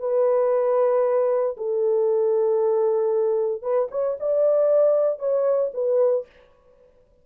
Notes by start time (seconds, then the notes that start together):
0.00 B4
1.57 A4
3.63 B4
3.91 C#5
4.20 D5
5.20 C#5
5.74 B4